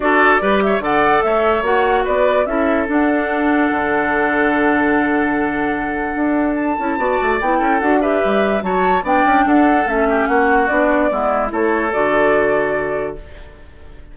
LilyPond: <<
  \new Staff \with { instrumentName = "flute" } { \time 4/4 \tempo 4 = 146 d''4. e''8 fis''4 e''4 | fis''4 d''4 e''4 fis''4~ | fis''1~ | fis''1 |
a''2 g''4 fis''8 e''8~ | e''4 a''4 g''4 fis''4 | e''4 fis''4 d''2 | cis''4 d''2. | }
  \new Staff \with { instrumentName = "oboe" } { \time 4/4 a'4 b'8 cis''8 d''4 cis''4~ | cis''4 b'4 a'2~ | a'1~ | a'1~ |
a'4 d''4. a'4 b'8~ | b'4 cis''4 d''4 a'4~ | a'8 g'8 fis'2 e'4 | a'1 | }
  \new Staff \with { instrumentName = "clarinet" } { \time 4/4 fis'4 g'4 a'2 | fis'2 e'4 d'4~ | d'1~ | d'1~ |
d'8 e'8 fis'4 e'4 fis'8 g'8~ | g'4 fis'4 d'2 | cis'2 d'4 b4 | e'4 fis'2. | }
  \new Staff \with { instrumentName = "bassoon" } { \time 4/4 d'4 g4 d4 a4 | ais4 b4 cis'4 d'4~ | d'4 d2.~ | d2. d'4~ |
d'8 cis'8 b8 a8 b8 cis'8 d'4 | g4 fis4 b8 cis'8 d'4 | a4 ais4 b4 gis4 | a4 d2. | }
>>